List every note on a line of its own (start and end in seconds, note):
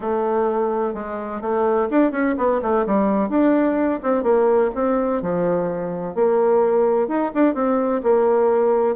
0.00 0.93 A3
0.93 1.41 G#3
1.41 1.88 A3
1.90 2.11 D4
2.11 2.35 C#4
2.37 2.61 B3
2.62 2.85 A3
2.86 3.29 G3
3.29 4.00 D4
4.02 4.23 C4
4.23 4.70 A#3
4.74 5.21 C4
5.22 6.14 F3
6.14 7.08 A#3
7.08 7.31 D#4
7.34 7.54 D4
7.54 8.01 C4
8.03 8.95 A#3